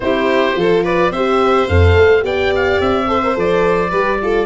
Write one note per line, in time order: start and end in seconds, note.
0.00 0.55 C4
0.00 0.56 E4
0.00 0.59 G4
0.00 0.84 C5
0.56 1.10 F3
0.56 1.12 F4
0.56 0.83 A4
0.83 1.11 B4
0.83 1.12 D5
1.10 1.66 C4
1.10 1.69 G4
1.10 2.23 C5
1.10 1.67 E5
1.67 1.94 F2
1.67 2.20 A4
1.67 2.23 F5
1.94 2.22 A3
2.20 2.78 B3
2.20 3.04 G4
2.20 3.08 D5
2.20 2.53 G5
2.55 2.80 F5
2.80 3.36 C4
2.80 3.37 E5
3.07 3.21 A4
3.07 3.89 C5
3.23 3.34 A#4
3.34 3.91 F3
3.34 3.91 A4
3.34 4.46 D5
3.89 4.46 G3
3.89 4.20 G4
3.89 4.18 B4
4.21 4.46 F4
4.21 4.46 A4